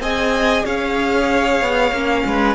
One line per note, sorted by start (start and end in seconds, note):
0.00 0.64 C4
0.00 1.93 G#4
0.00 0.64 D#5
0.00 0.65 G#5
0.64 1.61 C#4
0.64 2.24 C#5
0.64 2.55 F5
1.61 1.91 B3
1.91 2.23 A#3
1.91 2.55 C#4
2.26 2.55 G#3
2.26 2.55 B4